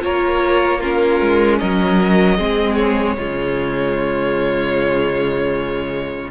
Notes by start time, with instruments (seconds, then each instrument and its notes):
0.00 cello A#3, viola F4, violin A#4 C#5
0.79 viola C#4, violin F4 A#4
1.21 cello G#3
1.58 cello F#3, violin A#4 D#5
2.37 cello G#3, viola C4, violin G#4
2.75 violin C#5
3.17 cello C#3, viola G#3, violin F4